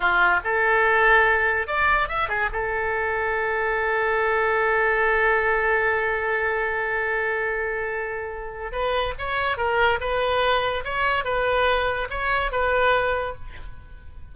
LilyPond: \new Staff \with { instrumentName = "oboe" } { \time 4/4 \tempo 4 = 144 f'4 a'2. | d''4 e''8 gis'8 a'2~ | a'1~ | a'1~ |
a'1~ | a'4 b'4 cis''4 ais'4 | b'2 cis''4 b'4~ | b'4 cis''4 b'2 | }